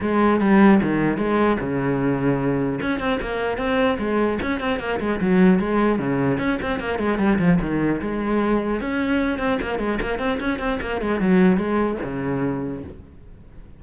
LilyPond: \new Staff \with { instrumentName = "cello" } { \time 4/4 \tempo 4 = 150 gis4 g4 dis4 gis4 | cis2. cis'8 c'8 | ais4 c'4 gis4 cis'8 c'8 | ais8 gis8 fis4 gis4 cis4 |
cis'8 c'8 ais8 gis8 g8 f8 dis4 | gis2 cis'4. c'8 | ais8 gis8 ais8 c'8 cis'8 c'8 ais8 gis8 | fis4 gis4 cis2 | }